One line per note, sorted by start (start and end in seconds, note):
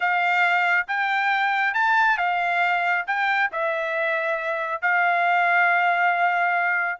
0.00 0.87 F5
0.87 1.74 G5
1.74 2.17 A5
2.17 3.05 F5
3.06 3.50 G5
3.52 4.81 E5
4.81 6.99 F5